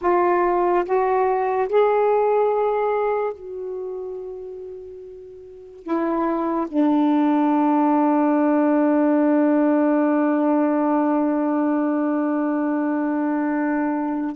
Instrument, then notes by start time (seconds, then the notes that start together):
saxophone
0.01 F4
0.85 F#4
1.68 G#4
3.33 F#4
5.83 E4
6.68 D4